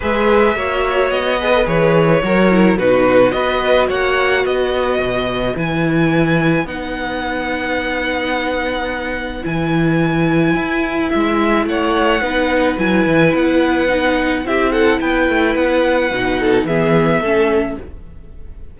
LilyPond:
<<
  \new Staff \with { instrumentName = "violin" } { \time 4/4 \tempo 4 = 108 e''2 dis''4 cis''4~ | cis''4 b'4 dis''4 fis''4 | dis''2 gis''2 | fis''1~ |
fis''4 gis''2. | e''4 fis''2 gis''4 | fis''2 e''8 fis''8 g''4 | fis''2 e''2 | }
  \new Staff \with { instrumentName = "violin" } { \time 4/4 b'4 cis''4. b'4. | ais'4 fis'4 b'4 cis''4 | b'1~ | b'1~ |
b'1~ | b'4 cis''4 b'2~ | b'2 g'8 a'8 b'4~ | b'4. a'8 gis'4 a'4 | }
  \new Staff \with { instrumentName = "viola" } { \time 4/4 gis'4 fis'4. gis'16 a'16 gis'4 | fis'8 e'8 dis'4 fis'2~ | fis'2 e'2 | dis'1~ |
dis'4 e'2.~ | e'2 dis'4 e'4~ | e'4 dis'4 e'2~ | e'4 dis'4 b4 cis'4 | }
  \new Staff \with { instrumentName = "cello" } { \time 4/4 gis4 ais4 b4 e4 | fis4 b,4 b4 ais4 | b4 b,4 e2 | b1~ |
b4 e2 e'4 | gis4 a4 b4 fis8 e8 | b2 c'4 b8 a8 | b4 b,4 e4 a4 | }
>>